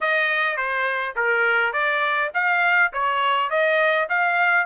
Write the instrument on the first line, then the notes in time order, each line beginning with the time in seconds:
trumpet
0.00 D#5
0.56 C5
1.15 A#4
1.72 D5
2.34 F5
2.92 C#5
3.50 D#5
4.09 F5